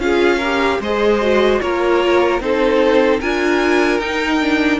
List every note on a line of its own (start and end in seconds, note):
0.00 0.80 C#4
0.00 0.40 F4
0.00 0.38 G#4
0.00 0.81 F5
0.38 0.84 G4
0.38 0.78 A#4
0.80 1.60 G#3
0.80 1.22 G#4
0.80 1.62 C5
0.80 1.61 D#5
1.22 1.62 F#4
1.61 2.40 A#3
1.61 2.42 F4
1.61 2.43 A#4
1.61 2.41 C#5
2.40 3.20 C4
2.40 3.22 D#4
2.40 3.21 A4
2.40 3.21 C5
3.21 4.00 D4
3.21 4.02 F4
3.21 4.80 A#4
3.21 4.00 G#5
4.00 4.79 D#4
4.00 4.41 D#4
4.00 4.80 G5
4.41 4.80 D4